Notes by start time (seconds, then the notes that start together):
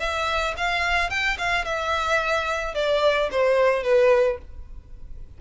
0.00 E5
0.58 F5
1.10 G5
1.39 F5
1.65 E5
2.75 D5
3.32 C5
3.84 B4